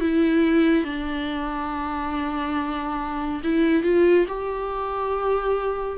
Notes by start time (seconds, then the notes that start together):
0.00 E4
0.85 D4
3.44 E4
3.83 F4
4.28 G4